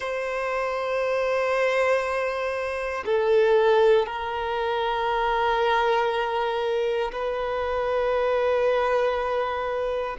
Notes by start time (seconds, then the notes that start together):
0.00 C5
3.05 A4
4.06 A#4
7.11 B4